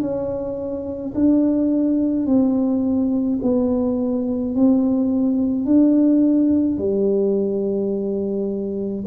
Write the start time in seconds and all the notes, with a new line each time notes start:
0.00 C#4
1.14 D4
2.26 C4
3.42 B3
4.55 C4
5.65 D4
6.78 G3